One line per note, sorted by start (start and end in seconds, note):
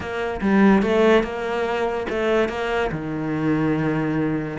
0.00 0.40 A#3
0.41 0.82 G3
0.82 1.23 A3
1.23 2.06 A#3
2.09 2.48 A3
2.48 2.90 A#3
2.91 4.58 D#3